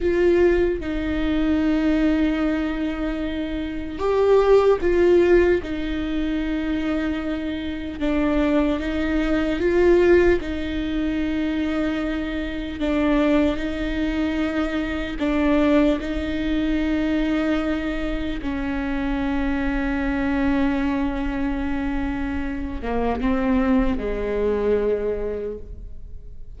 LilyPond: \new Staff \with { instrumentName = "viola" } { \time 4/4 \tempo 4 = 75 f'4 dis'2.~ | dis'4 g'4 f'4 dis'4~ | dis'2 d'4 dis'4 | f'4 dis'2. |
d'4 dis'2 d'4 | dis'2. cis'4~ | cis'1~ | cis'8 ais8 c'4 gis2 | }